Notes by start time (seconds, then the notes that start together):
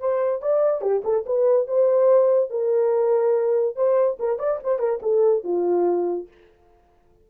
0.00 C5
0.42 D5
0.81 G4
1.04 A4
1.26 B4
1.67 C5
2.51 A#4
3.76 C5
4.20 A#4
4.39 D5
4.64 C5
4.79 A#4
5.02 A4
5.44 F4